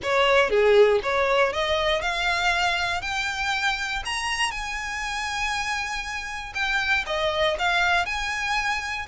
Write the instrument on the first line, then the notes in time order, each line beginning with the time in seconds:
violin
0.02 C#5
0.50 G#4
1.02 C#5
1.52 D#5
2.01 F5
3.01 G5
4.05 A#5
4.51 G#5
6.54 G5
7.06 D#5
7.58 F5
8.05 G#5